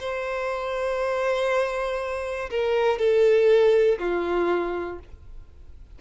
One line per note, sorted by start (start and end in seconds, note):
0.00 2.50 C5
2.50 2.99 A#4
2.99 3.99 A4
3.99 4.99 F4